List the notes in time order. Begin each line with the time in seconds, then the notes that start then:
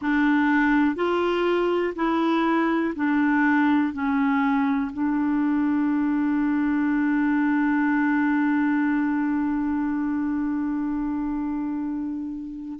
0.01 D4
0.95 F4
1.95 E4
2.95 D4
3.93 C#4
4.92 D4